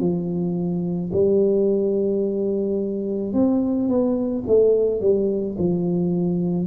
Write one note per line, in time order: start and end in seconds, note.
0.00 1.11 F3
1.13 3.33 G3
3.33 3.88 C4
3.88 4.44 B3
4.47 5.01 A3
5.01 5.56 G3
5.59 6.67 F3